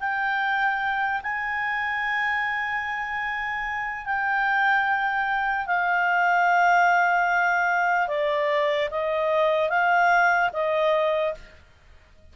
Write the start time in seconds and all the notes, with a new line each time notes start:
0.00 G5
1.23 G#5
4.05 G5
5.67 F5
8.08 D5
8.91 D#5
9.69 F5
10.53 D#5